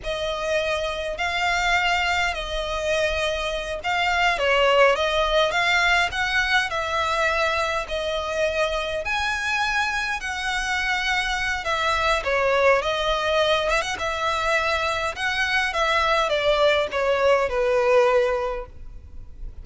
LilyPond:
\new Staff \with { instrumentName = "violin" } { \time 4/4 \tempo 4 = 103 dis''2 f''2 | dis''2~ dis''8 f''4 cis''8~ | cis''8 dis''4 f''4 fis''4 e''8~ | e''4. dis''2 gis''8~ |
gis''4. fis''2~ fis''8 | e''4 cis''4 dis''4. e''16 fis''16 | e''2 fis''4 e''4 | d''4 cis''4 b'2 | }